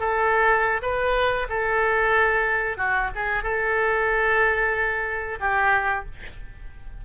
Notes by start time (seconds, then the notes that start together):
0.00 A4
0.82 B4
1.49 A4
2.78 F#4
3.15 G#4
3.44 A4
5.40 G4